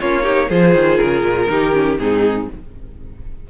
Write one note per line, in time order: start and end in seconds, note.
0.00 0.50 A#3
0.00 0.22 C#4
0.00 0.23 F4
0.00 0.50 C#5
0.22 0.47 D#4
0.22 0.48 G4
0.49 0.74 F3
0.49 1.49 F4
0.49 1.48 G#4
0.49 0.98 C5
0.74 0.99 D#3
0.98 1.22 C#3
0.98 1.97 A#4
1.22 1.47 A#2
1.49 1.98 D#3
1.49 1.73 D#4
1.49 2.00 G4
1.73 1.97 C#4
1.98 2.48 G#2
1.98 2.48 C4
1.98 2.49 D#4
1.98 2.48 G#4